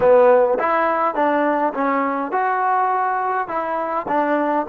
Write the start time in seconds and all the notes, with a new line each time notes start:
0.00 B3
0.59 E4
1.15 D4
1.74 C#4
2.31 F#4
3.48 E4
4.08 D4